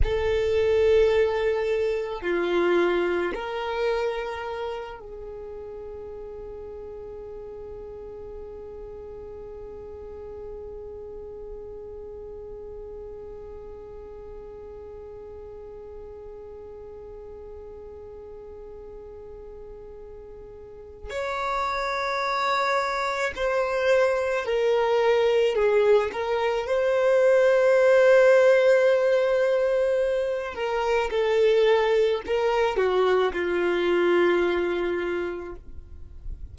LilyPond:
\new Staff \with { instrumentName = "violin" } { \time 4/4 \tempo 4 = 54 a'2 f'4 ais'4~ | ais'8 gis'2.~ gis'8~ | gis'1~ | gis'1~ |
gis'2. cis''4~ | cis''4 c''4 ais'4 gis'8 ais'8 | c''2.~ c''8 ais'8 | a'4 ais'8 fis'8 f'2 | }